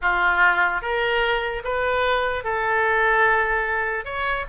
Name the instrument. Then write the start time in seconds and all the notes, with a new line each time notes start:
oboe
0.01 F4
0.81 A#4
1.64 B4
2.43 A4
4.04 C#5